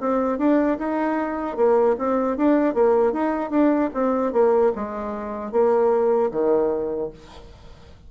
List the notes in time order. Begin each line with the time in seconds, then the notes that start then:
0.00 C4
0.38 D4
0.78 D#4
1.56 A#3
1.98 C4
2.36 D4
2.74 A#3
3.13 D#4
3.50 D4
3.94 C4
4.32 A#3
4.75 G#3
5.52 A#3
6.31 D#3